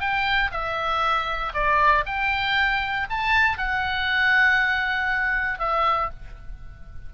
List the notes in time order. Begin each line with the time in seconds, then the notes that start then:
0.00 G5
0.51 E5
1.54 D5
2.06 G5
3.10 A5
3.58 F#5
5.59 E5